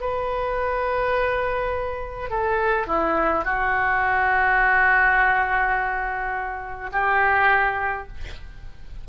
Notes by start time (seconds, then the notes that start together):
0.00 B4
2.30 A4
2.87 E4
3.44 F#4
6.92 G4